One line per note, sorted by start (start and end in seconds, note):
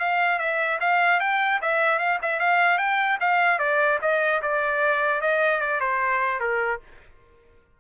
0.00 0.39 F5
0.39 0.79 E5
0.81 1.21 F5
1.21 1.61 G5
1.62 1.99 E5
1.99 2.19 F5
2.23 2.40 E5
2.40 2.79 F5
2.79 3.19 G5
3.21 3.59 F5
3.59 3.99 D5
4.02 4.42 D#5
4.43 5.22 D5
5.22 5.61 D#5
5.61 5.81 D5
5.81 6.41 C5
6.41 6.81 A#4